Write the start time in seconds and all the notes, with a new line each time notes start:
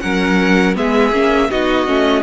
0.00 F#3 C#4 A#4 F#5
0.75 G#3 B3 G#4 E5
1.11 A#3 C#4
1.50 B3 D#4 F#4 D#5
1.86 A3 C#4